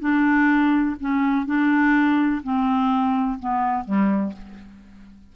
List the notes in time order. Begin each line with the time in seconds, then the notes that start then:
0.00 D4
1.00 C#4
1.46 D4
2.43 C4
3.40 B3
3.85 G3